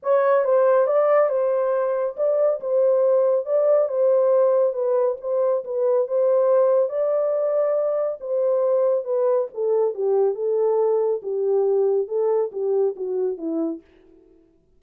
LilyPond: \new Staff \with { instrumentName = "horn" } { \time 4/4 \tempo 4 = 139 cis''4 c''4 d''4 c''4~ | c''4 d''4 c''2 | d''4 c''2 b'4 | c''4 b'4 c''2 |
d''2. c''4~ | c''4 b'4 a'4 g'4 | a'2 g'2 | a'4 g'4 fis'4 e'4 | }